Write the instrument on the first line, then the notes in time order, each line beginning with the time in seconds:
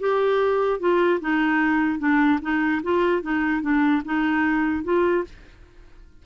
clarinet
0.00 G4
0.80 F4
1.20 D#4
1.99 D4
2.42 D#4
2.83 F4
3.22 D#4
3.62 D4
4.05 D#4
4.84 F4